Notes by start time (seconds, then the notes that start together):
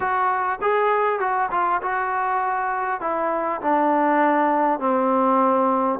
0.00 F#4
0.61 G#4
1.19 F#4
1.51 F4
1.81 F#4
3.00 E4
3.61 D4
4.79 C4